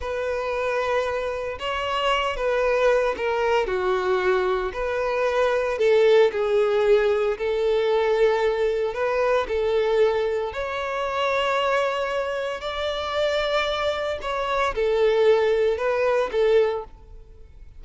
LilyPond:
\new Staff \with { instrumentName = "violin" } { \time 4/4 \tempo 4 = 114 b'2. cis''4~ | cis''8 b'4. ais'4 fis'4~ | fis'4 b'2 a'4 | gis'2 a'2~ |
a'4 b'4 a'2 | cis''1 | d''2. cis''4 | a'2 b'4 a'4 | }